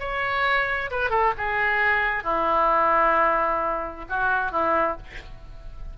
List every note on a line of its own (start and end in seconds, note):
0.00 0.91 C#5
0.91 1.11 B4
1.11 1.33 A4
1.38 2.24 G#4
2.24 4.06 E4
4.10 4.52 F#4
4.52 4.98 E4